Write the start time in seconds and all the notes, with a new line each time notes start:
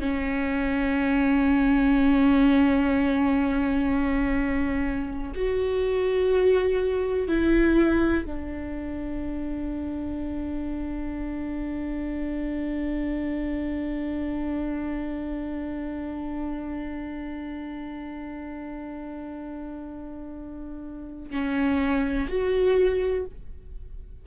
0.00 C#4
5.35 F#4
7.28 E4
8.25 D4
21.31 C#4
22.28 F#4